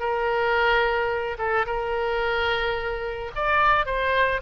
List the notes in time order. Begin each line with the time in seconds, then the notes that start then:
0.00 A#4
1.39 A4
1.66 A#4
3.36 D5
3.86 C5